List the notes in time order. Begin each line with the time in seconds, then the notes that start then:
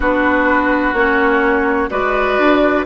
0.00 B3 D4 F#4 B4
0.93 A#3 C#4 C#5
1.89 G#3 F#4 B4 D5
2.38 D4